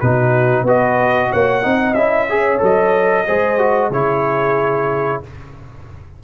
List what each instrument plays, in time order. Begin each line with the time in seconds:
0.00 tuba B2, trombone D#4, horn F#4, trumpet B4
0.63 tuba B3, trombone F#4, horn B4, trumpet D#5
1.30 tuba A#3, horn C#5, trumpet F#5
1.63 tuba C4, trombone D#4, horn D#5
1.94 tuba C#4, trombone E4, trumpet E5
2.30 trombone G#4, horn C#5
2.59 tuba F#3, trombone A4, trumpet D#5
3.26 tuba G#3, trombone G#4, horn C5
3.58 trombone F#4
3.90 tuba C#3, trombone E4, horn G#4, trumpet C#5